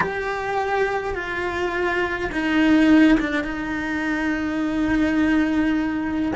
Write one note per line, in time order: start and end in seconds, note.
0.00 1.14 G4
1.14 2.30 F4
2.32 3.18 D#4
3.19 3.44 D4
3.44 6.32 D#4